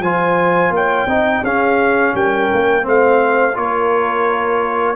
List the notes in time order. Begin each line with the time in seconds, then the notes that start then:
0.00 F3 F4 C5 G#5
0.70 A#3 C#5 G5
1.07 C4 D#4 D#5
1.43 C#4 G#4 F5
2.15 G3 A#4 G5
2.54 A#3
2.82 A3 C4 C5
2.89 F5
3.55 A#3 F4 A#4 C#5